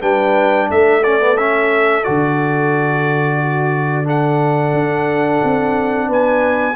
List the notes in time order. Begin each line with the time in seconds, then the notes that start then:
0.00 G3 D4 B4 G5
0.70 A3 A4 E5
1.03 C#4 D5
1.20 B3
1.37 C#4 E5
2.04 D3 F#4 D5
3.41 F#4
4.04 D4 A4 F#5
4.73 D4
5.43 C4
6.07 B3 B4 G#5